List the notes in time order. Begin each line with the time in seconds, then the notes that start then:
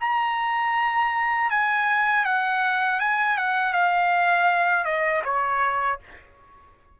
0.00 A#5
1.50 G#5
2.25 F#5
2.99 G#5
3.37 F#5
3.73 F5
4.84 D#5
5.24 C#5